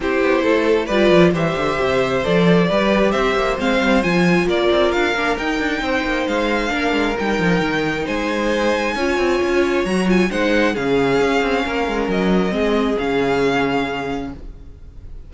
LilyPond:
<<
  \new Staff \with { instrumentName = "violin" } { \time 4/4 \tempo 4 = 134 c''2 d''4 e''4~ | e''4 d''2 e''4 | f''4 gis''4 d''4 f''4 | g''2 f''2 |
g''2 gis''2~ | gis''2 ais''8 gis''8 fis''4 | f''2. dis''4~ | dis''4 f''2. | }
  \new Staff \with { instrumentName = "violin" } { \time 4/4 g'4 a'4 b'4 c''4~ | c''2 b'4 c''4~ | c''2 ais'2~ | ais'4 c''2 ais'4~ |
ais'2 c''2 | cis''2. c''4 | gis'2 ais'2 | gis'1 | }
  \new Staff \with { instrumentName = "viola" } { \time 4/4 e'2 f'4 g'4~ | g'4 a'4 g'2 | c'4 f'2~ f'8 d'8 | dis'2. d'4 |
dis'1 | f'2 fis'8 f'8 dis'4 | cis'1 | c'4 cis'2. | }
  \new Staff \with { instrumentName = "cello" } { \time 4/4 c'8 b8 a4 g8 f8 e8 d8 | c4 f4 g4 c'8 ais8 | gis8 g8 f4 ais8 c'8 d'8 ais8 | dis'8 d'8 c'8 ais8 gis4 ais8 gis8 |
g8 f8 dis4 gis2 | cis'8 c'8 cis'4 fis4 gis4 | cis4 cis'8 c'8 ais8 gis8 fis4 | gis4 cis2. | }
>>